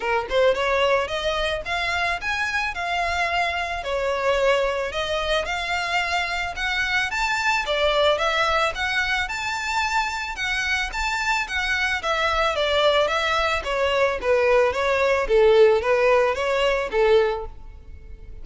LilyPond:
\new Staff \with { instrumentName = "violin" } { \time 4/4 \tempo 4 = 110 ais'8 c''8 cis''4 dis''4 f''4 | gis''4 f''2 cis''4~ | cis''4 dis''4 f''2 | fis''4 a''4 d''4 e''4 |
fis''4 a''2 fis''4 | a''4 fis''4 e''4 d''4 | e''4 cis''4 b'4 cis''4 | a'4 b'4 cis''4 a'4 | }